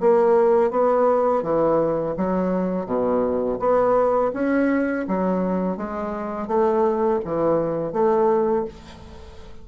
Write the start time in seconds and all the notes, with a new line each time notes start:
0.00 A#3
0.71 B3
1.43 E3
2.17 F#3
2.86 B2
3.59 B3
4.33 C#4
5.08 F#3
5.77 G#3
6.47 A3
7.24 E3
7.92 A3